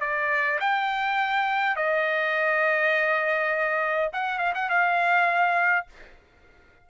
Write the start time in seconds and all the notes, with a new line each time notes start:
0.00 D5
0.60 G5
1.76 D#5
4.13 F#5
4.39 F5
4.55 F#5
4.69 F5